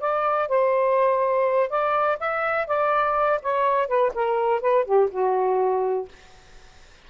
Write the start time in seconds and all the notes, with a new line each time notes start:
0.00 D5
0.48 C5
1.69 D5
2.19 E5
2.67 D5
3.42 C#5
3.88 B4
4.14 A#4
4.61 B4
4.85 G4
5.11 F#4